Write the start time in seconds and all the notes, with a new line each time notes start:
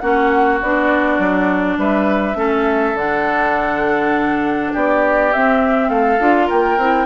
0.00 A#3 C#4 F#4 F#5
0.62 B3 D4 D5
1.19 F#3
1.78 G3 B4 E5
2.35 A3 C#4 A4
2.95 D3 D4 F#5
4.73 B3 G4 D5
5.33 C4 E5
5.89 A3 A4 F5
6.19 D4 F4
6.47 A#3 A#4 G5
6.78 C4 E4